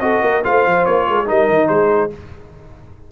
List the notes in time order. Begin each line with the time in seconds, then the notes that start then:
0.00 C4 F#4 A4 D#5
0.22 A#3 A#4
0.44 A3 F4 C5 F5
0.66 F3
0.85 A#3 C#5
1.09 G#3 A#4
1.16 G#4
1.26 G3 D#4 A#4 D#5
1.49 D#3
1.68 G#3 G#4 C5